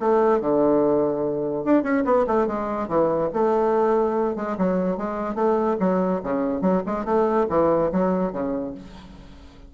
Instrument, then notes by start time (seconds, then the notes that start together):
bassoon
0.00 A3
0.41 D3
1.65 D4
1.83 C#4
2.05 B3
2.27 A3
2.47 G#3
2.88 E3
3.34 A3
4.36 G#3
4.58 F#3
4.98 G#3
5.35 A3
5.80 F#3
6.24 C#3
6.62 F#3
6.87 G#3
7.05 A3
7.50 E3
7.93 F#3
8.33 C#3